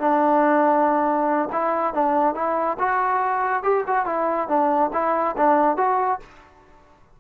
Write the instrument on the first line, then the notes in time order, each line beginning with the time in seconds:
trombone
0.00 D4
1.52 E4
1.94 D4
2.35 E4
2.79 F#4
3.63 G4
3.87 F#4
4.06 E4
4.48 D4
4.93 E4
5.37 D4
5.77 F#4